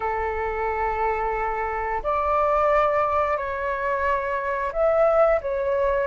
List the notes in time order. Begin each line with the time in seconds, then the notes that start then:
0.00 A4
2.03 D5
3.37 C#5
4.72 E5
5.41 C#5